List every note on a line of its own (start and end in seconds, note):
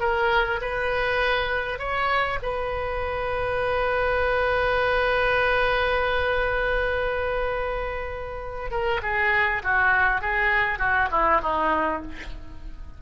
0.00 0.60 A#4
0.61 1.79 B4
1.79 2.39 C#5
2.42 8.71 B4
8.71 9.01 A#4
9.02 9.62 G#4
9.63 10.21 F#4
10.21 10.79 G#4
10.79 11.09 F#4
11.11 11.41 E4
11.42 12.02 D#4